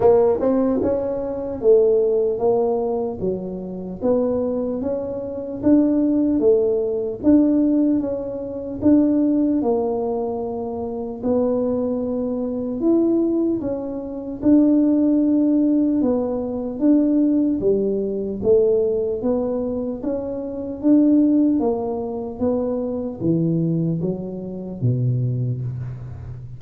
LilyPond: \new Staff \with { instrumentName = "tuba" } { \time 4/4 \tempo 4 = 75 ais8 c'8 cis'4 a4 ais4 | fis4 b4 cis'4 d'4 | a4 d'4 cis'4 d'4 | ais2 b2 |
e'4 cis'4 d'2 | b4 d'4 g4 a4 | b4 cis'4 d'4 ais4 | b4 e4 fis4 b,4 | }